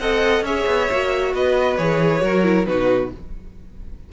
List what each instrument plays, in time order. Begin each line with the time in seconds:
0.00 cello C4, viola A4, violin D#5 F#5
0.42 cello C#4, viola G#4, violin C#5 E5
0.67 cello B3
0.92 cello A#3, viola F#4
1.34 cello B3, violin B4 D#5
1.78 cello E3, viola G#4, violin C#5
2.21 cello F#3, viola F#4, violin A#4
2.44 viola E4
2.66 cello B2, viola D#4, violin F#4 B4